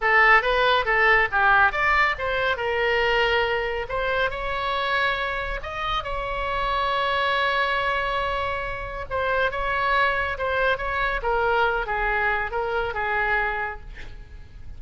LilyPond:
\new Staff \with { instrumentName = "oboe" } { \time 4/4 \tempo 4 = 139 a'4 b'4 a'4 g'4 | d''4 c''4 ais'2~ | ais'4 c''4 cis''2~ | cis''4 dis''4 cis''2~ |
cis''1~ | cis''4 c''4 cis''2 | c''4 cis''4 ais'4. gis'8~ | gis'4 ais'4 gis'2 | }